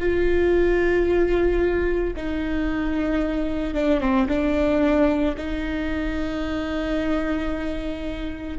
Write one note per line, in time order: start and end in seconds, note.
0.00 2.14 F4
2.17 3.75 D#4
3.75 4.01 D4
4.01 4.28 C4
4.29 5.36 D4
5.37 8.59 D#4